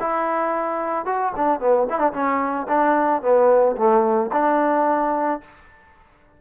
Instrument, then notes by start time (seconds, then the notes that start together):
trombone
0.00 E4
1.06 F#4
1.36 D4
1.60 B3
1.89 E4
1.99 D4
2.13 C#4
2.68 D4
3.22 B3
3.77 A3
4.32 D4